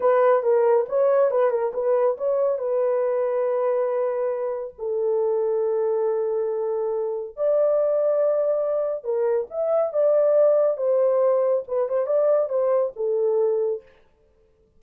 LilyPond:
\new Staff \with { instrumentName = "horn" } { \time 4/4 \tempo 4 = 139 b'4 ais'4 cis''4 b'8 ais'8 | b'4 cis''4 b'2~ | b'2. a'4~ | a'1~ |
a'4 d''2.~ | d''4 ais'4 e''4 d''4~ | d''4 c''2 b'8 c''8 | d''4 c''4 a'2 | }